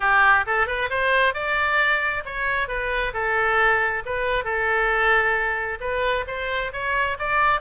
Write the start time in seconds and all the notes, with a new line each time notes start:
0.00 G4
0.46 A4
0.66 B4
0.90 C5
1.34 D5
2.25 C#5
2.68 B4
3.13 A4
4.05 B4
4.44 A4
5.80 B4
6.27 C5
6.72 C#5
7.18 D5